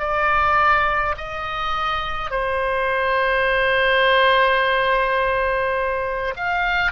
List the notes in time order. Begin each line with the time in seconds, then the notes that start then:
0.00 D5
1.18 D#5
2.31 C5
6.37 F5